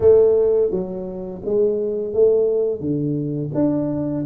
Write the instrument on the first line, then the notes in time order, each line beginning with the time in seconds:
tuba
0.00 A3
0.70 F#3
1.44 G#3
2.13 A3
2.80 D3
3.54 D4